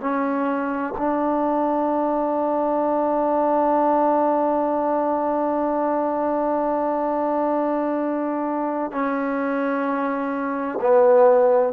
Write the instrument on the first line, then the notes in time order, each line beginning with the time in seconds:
trombone
0.00 C#4
0.98 D4
8.91 C#4
10.81 B3